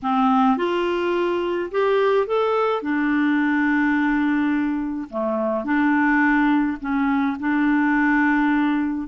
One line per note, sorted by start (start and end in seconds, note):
0.02 0.57 C4
0.57 1.70 F4
1.71 2.26 G4
2.26 2.82 A4
2.82 5.08 D4
5.09 5.64 A3
5.64 6.77 D4
6.80 7.37 C#4
7.39 9.07 D4